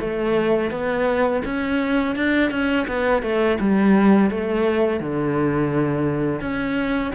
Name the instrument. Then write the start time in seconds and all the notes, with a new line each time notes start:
cello
0.00 A3
0.71 B3
1.45 C#4
2.16 D4
2.51 C#4
2.87 B3
3.22 A3
3.60 G3
4.31 A3
5.00 D3
6.41 C#4